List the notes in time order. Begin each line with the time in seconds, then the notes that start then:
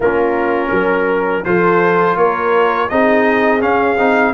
0.00 A#3 C#4 F4 A#4
0.70 F#3 A#4
1.44 F3 F4 A4 C5
2.16 A#3 A#4 C#5
2.89 C4 D#4 G#4 D#5
3.60 C#4 F5
3.98 C4 D#4